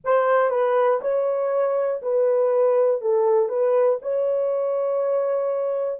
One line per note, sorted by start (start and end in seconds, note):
0.04 0.50 C5
0.50 1.00 B4
1.00 2.00 C#5
2.02 3.01 B4
3.01 3.49 A4
3.49 3.99 B4
4.01 6.00 C#5